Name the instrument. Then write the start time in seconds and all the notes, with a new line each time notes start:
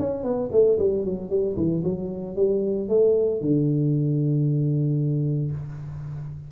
tuba
0.00 C#4
0.24 B3
0.52 A3
0.79 G3
1.05 F#3
1.30 G3
1.57 E3
1.84 F#3
2.36 G3
2.89 A3
3.42 D3